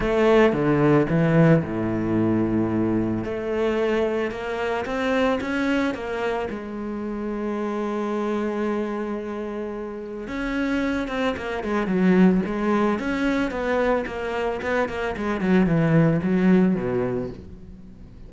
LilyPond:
\new Staff \with { instrumentName = "cello" } { \time 4/4 \tempo 4 = 111 a4 d4 e4 a,4~ | a,2 a2 | ais4 c'4 cis'4 ais4 | gis1~ |
gis2. cis'4~ | cis'8 c'8 ais8 gis8 fis4 gis4 | cis'4 b4 ais4 b8 ais8 | gis8 fis8 e4 fis4 b,4 | }